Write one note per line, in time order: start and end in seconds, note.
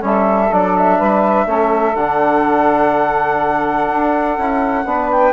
0.00 0.50 G3
0.00 0.48 C#4
0.00 0.98 A4
0.00 0.53 E5
0.52 1.00 F#3
0.52 1.47 D4
0.52 0.76 D5
0.76 1.95 E5
0.98 1.45 G3
0.98 1.46 B4
1.45 1.94 A3
1.45 1.95 C#4
1.45 4.86 A4
1.94 3.87 D3
1.94 4.38 D4
1.94 5.10 F#5
3.91 4.38 D4
4.38 4.85 C#4
4.38 4.86 E4
4.85 5.32 B3
4.85 5.32 D4
4.85 5.32 B4
5.11 5.32 G5